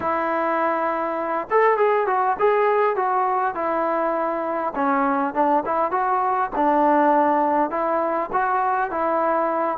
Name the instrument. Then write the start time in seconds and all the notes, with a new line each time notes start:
trombone
0.00 E4
1.50 A4
1.77 G#4
2.07 F#4
2.39 G#4
2.95 F#4
3.55 E4
4.75 C#4
5.33 D4
5.65 E4
5.91 F#4
6.55 D4
7.70 E4
8.32 F#4
8.90 E4